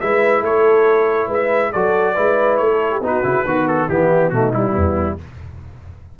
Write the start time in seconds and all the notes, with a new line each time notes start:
0.00 G#3 E4 B4 E5
0.41 A3 A4 C#5
1.27 G#3 B4 E5
1.72 F#3 F#4 A4 D5
2.14 G#3 E4 B4
2.57 A3 C#5
2.71 A4
2.91 G4
3.01 B3 D#4 F#4 B4
3.24 C#3 E4
3.45 D#3 B3 F#4
3.68 A4
3.88 E3 B3 E4 G4
4.29 B2 A3 D#4 F#4
4.53 G3 E4
4.71 E2 B3